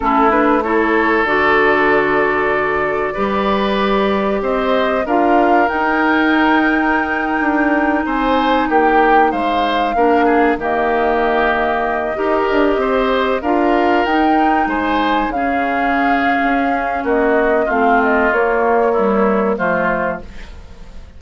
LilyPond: <<
  \new Staff \with { instrumentName = "flute" } { \time 4/4 \tempo 4 = 95 a'8 b'8 cis''4 d''2~ | d''2. dis''4 | f''4 g''2.~ | g''8. gis''4 g''4 f''4~ f''16~ |
f''8. dis''2.~ dis''16~ | dis''4~ dis''16 f''4 g''4 gis''8.~ | gis''16 f''2~ f''8. dis''4 | f''8 dis''8 cis''2 c''4 | }
  \new Staff \with { instrumentName = "oboe" } { \time 4/4 e'4 a'2.~ | a'4 b'2 c''4 | ais'1~ | ais'8. c''4 g'4 c''4 ais'16~ |
ais'16 gis'8 g'2~ g'8 ais'8.~ | ais'16 c''4 ais'2 c''8.~ | c''16 gis'2~ gis'8. fis'4 | f'2 e'4 f'4 | }
  \new Staff \with { instrumentName = "clarinet" } { \time 4/4 cis'8 d'8 e'4 fis'2~ | fis'4 g'2. | f'4 dis'2.~ | dis'2.~ dis'8. d'16~ |
d'8. ais2~ ais8 g'8.~ | g'4~ g'16 f'4 dis'4.~ dis'16~ | dis'16 cis'2.~ cis'8. | c'4 ais4 g4 a4 | }
  \new Staff \with { instrumentName = "bassoon" } { \time 4/4 a2 d2~ | d4 g2 c'4 | d'4 dis'2~ dis'8. d'16~ | d'8. c'4 ais4 gis4 ais16~ |
ais8. dis2~ dis8 dis'8 d'16~ | d'16 c'4 d'4 dis'4 gis8.~ | gis16 cis4.~ cis16 cis'4 ais4 | a4 ais2 f4 | }
>>